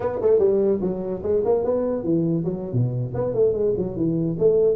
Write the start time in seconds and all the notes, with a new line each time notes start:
0.00 B3
0.21 A3
0.39 G3
0.81 F#3
1.23 G#3
1.44 A#3
1.64 B3
2.03 E3
2.44 F#3
2.72 B2
3.14 B3
3.34 A3
3.53 G#3
3.77 F#3
3.96 E3
4.38 A3